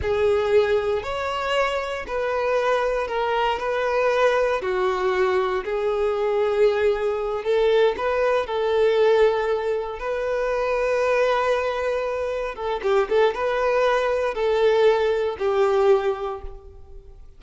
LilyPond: \new Staff \with { instrumentName = "violin" } { \time 4/4 \tempo 4 = 117 gis'2 cis''2 | b'2 ais'4 b'4~ | b'4 fis'2 gis'4~ | gis'2~ gis'8 a'4 b'8~ |
b'8 a'2. b'8~ | b'1~ | b'8 a'8 g'8 a'8 b'2 | a'2 g'2 | }